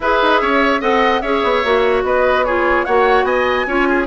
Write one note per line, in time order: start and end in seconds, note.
0.00 0.20 E4
0.00 0.80 G#4
0.00 0.41 B4
0.00 0.81 E5
0.22 0.41 D#4
0.41 0.81 C#4
0.41 0.81 C#5
0.80 1.22 C4
0.80 1.21 A4
0.80 1.21 D#5
0.80 1.21 F#5
1.21 1.42 C#4
1.21 1.64 G#4
1.21 2.03 C#5
1.21 2.03 E5
1.43 1.63 B3
1.64 2.03 A#3
1.64 2.45 F#4
2.03 2.85 B3
2.03 2.45 B4
2.03 2.44 D#5
2.44 2.87 F4
2.44 2.85 G#4
2.44 2.84 C#5
2.84 3.23 A#3
2.84 3.67 F#4
2.84 3.25 C#5
2.84 3.24 F#5
3.23 3.64 B3
3.23 3.66 D#5
3.23 4.06 G#5
3.66 4.06 C#4
3.66 4.06 F4
3.66 3.88 C#5
3.89 4.06 G#4